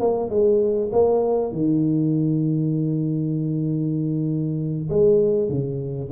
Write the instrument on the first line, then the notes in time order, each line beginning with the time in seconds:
tuba
0.00 A#3
0.30 G#3
0.92 A#3
1.52 D#3
4.90 G#3
5.49 C#3